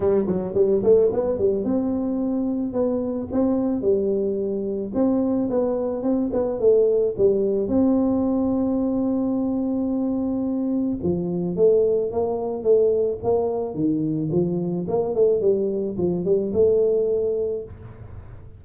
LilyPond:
\new Staff \with { instrumentName = "tuba" } { \time 4/4 \tempo 4 = 109 g8 fis8 g8 a8 b8 g8 c'4~ | c'4 b4 c'4 g4~ | g4 c'4 b4 c'8 b8 | a4 g4 c'2~ |
c'1 | f4 a4 ais4 a4 | ais4 dis4 f4 ais8 a8 | g4 f8 g8 a2 | }